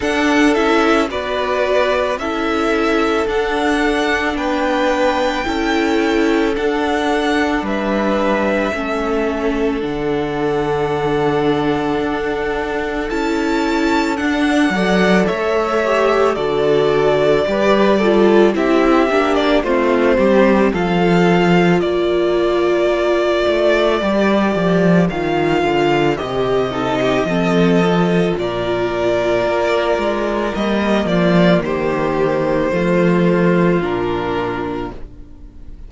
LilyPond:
<<
  \new Staff \with { instrumentName = "violin" } { \time 4/4 \tempo 4 = 55 fis''8 e''8 d''4 e''4 fis''4 | g''2 fis''4 e''4~ | e''4 fis''2. | a''4 fis''4 e''4 d''4~ |
d''4 e''8. d''16 c''4 f''4 | d''2. f''4 | dis''2 d''2 | dis''8 d''8 c''2 ais'4 | }
  \new Staff \with { instrumentName = "violin" } { \time 4/4 a'4 b'4 a'2 | b'4 a'2 b'4 | a'1~ | a'4. d''8 cis''4 a'4 |
b'8 a'8 g'4 f'8 g'8 a'4 | ais'1~ | ais'8 a'16 g'16 a'4 ais'2~ | ais'8 f'8 g'4 f'2 | }
  \new Staff \with { instrumentName = "viola" } { \time 4/4 d'8 e'8 fis'4 e'4 d'4~ | d'4 e'4 d'2 | cis'4 d'2. | e'4 d'8 a'4 g'8 fis'4 |
g'8 f'8 e'8 d'8 c'4 f'4~ | f'2 g'4 f'4 | g'8 dis'8 c'8 f'2~ f'8 | ais2 a4 d'4 | }
  \new Staff \with { instrumentName = "cello" } { \time 4/4 d'8 cis'8 b4 cis'4 d'4 | b4 cis'4 d'4 g4 | a4 d2 d'4 | cis'4 d'8 fis8 a4 d4 |
g4 c'8 ais8 a8 g8 f4 | ais4. a8 g8 f8 dis8 d8 | c4 f4 ais,4 ais8 gis8 | g8 f8 dis4 f4 ais,4 | }
>>